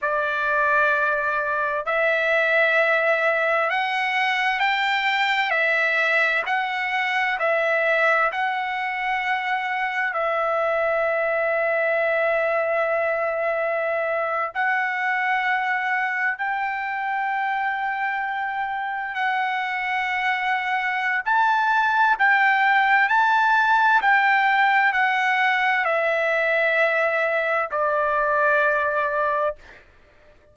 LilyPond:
\new Staff \with { instrumentName = "trumpet" } { \time 4/4 \tempo 4 = 65 d''2 e''2 | fis''4 g''4 e''4 fis''4 | e''4 fis''2 e''4~ | e''2.~ e''8. fis''16~ |
fis''4.~ fis''16 g''2~ g''16~ | g''8. fis''2~ fis''16 a''4 | g''4 a''4 g''4 fis''4 | e''2 d''2 | }